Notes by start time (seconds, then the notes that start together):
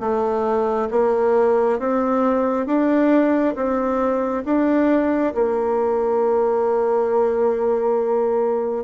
0.00 A3
0.91 A#3
1.79 C4
2.66 D4
3.55 C4
4.45 D4
5.34 A#3